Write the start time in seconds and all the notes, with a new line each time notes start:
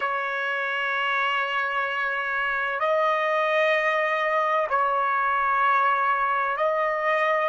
0.00 C#5
2.79 D#5
4.69 C#5
6.56 D#5